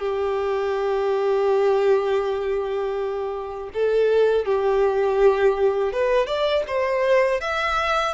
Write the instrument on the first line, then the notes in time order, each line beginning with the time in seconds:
violin
0.00 G4
3.74 A4
4.46 G4
5.93 B4
6.27 D5
6.68 C5
7.41 E5